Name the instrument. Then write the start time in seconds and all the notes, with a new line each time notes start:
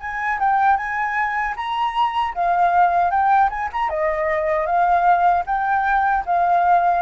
flute
0.00 G#5
0.39 G5
0.77 G#5
1.56 A#5
2.34 F5
3.10 G5
3.50 G#5
3.72 A#5
3.89 D#5
4.66 F5
5.46 G5
6.26 F5